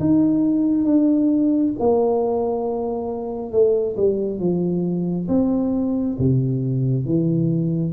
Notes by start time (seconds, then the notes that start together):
0.00 D#4
0.85 D4
1.80 A#3
3.52 A3
3.97 G3
4.40 F3
5.29 C4
6.19 C3
7.05 E3